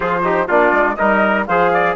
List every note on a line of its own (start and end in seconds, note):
0.00 0.48 F3
0.00 0.22 F4
0.00 0.22 G#4
0.00 0.49 C5
0.23 0.48 D#4
0.23 0.47 G4
0.47 0.71 A#3
0.47 0.97 D4
0.47 0.96 F4
0.47 0.95 D5
0.71 0.96 G#3
0.95 1.48 G3
0.95 1.47 D#4
0.95 1.47 A#4
0.95 1.45 D#5
1.46 1.95 F3
1.46 1.95 G#4
1.46 1.72 C5
1.46 1.95 F5
1.73 1.95 D5